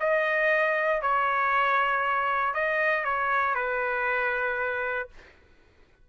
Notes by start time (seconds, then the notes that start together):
0.00 D#5
1.02 C#5
2.54 D#5
3.04 C#5
3.55 B4